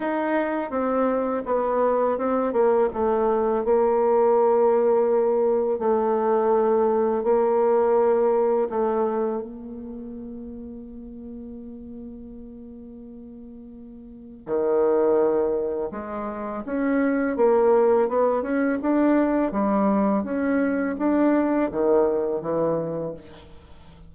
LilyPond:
\new Staff \with { instrumentName = "bassoon" } { \time 4/4 \tempo 4 = 83 dis'4 c'4 b4 c'8 ais8 | a4 ais2. | a2 ais2 | a4 ais2.~ |
ais1 | dis2 gis4 cis'4 | ais4 b8 cis'8 d'4 g4 | cis'4 d'4 dis4 e4 | }